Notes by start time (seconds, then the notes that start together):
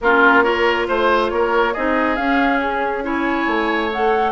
0.01 A#3 C#4 F4 A#4
0.42 F4 A#4 C#5
0.87 A3 C5
1.30 A#3 A#4 C#5
1.73 C4 D#4 G#4 D#5
2.15 C#4 F5
2.60 G#4
3.02 E4 C#5 G#5
3.47 A3
3.92 A4 F#5